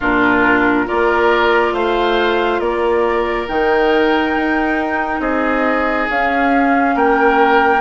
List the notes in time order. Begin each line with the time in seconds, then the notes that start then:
0.00 A#2 D4 F4 A#4
0.86 A#3 F4 A#4 D5
1.73 A3 C5 F5
2.59 A#3 A#4 D5
3.47 D#3 D#4 G5
4.36 D#4
5.20 C4 G#4 D#5
6.10 C#4 F5
6.95 A#3 A#4 G5